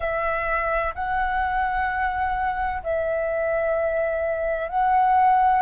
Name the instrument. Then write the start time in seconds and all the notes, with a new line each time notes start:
flute
0.00 E5
0.94 F#5
2.83 E5
4.68 F#5